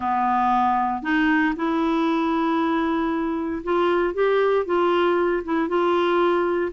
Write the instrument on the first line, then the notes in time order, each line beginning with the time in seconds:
clarinet
0.00 B3
1.02 D#4
1.55 E4
3.63 F4
4.14 G4
4.65 F4
5.44 E4
5.68 F4